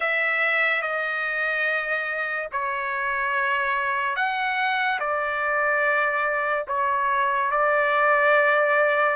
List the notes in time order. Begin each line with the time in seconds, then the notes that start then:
0.00 E5
0.82 D#5
2.52 C#5
4.16 F#5
4.99 D5
6.67 C#5
7.51 D5